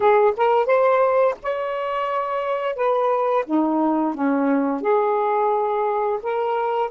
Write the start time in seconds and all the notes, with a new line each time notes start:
0.00 G#4
0.36 A#4
0.66 C5
1.42 C#5
2.75 B4
3.46 D#4
4.14 C#4
4.81 G#4
6.22 A#4